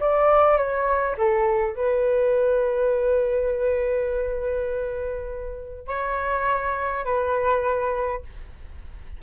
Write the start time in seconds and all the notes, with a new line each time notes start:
0.00 D5
0.57 C#5
1.17 A4
1.75 B4
5.87 C#5
7.05 B4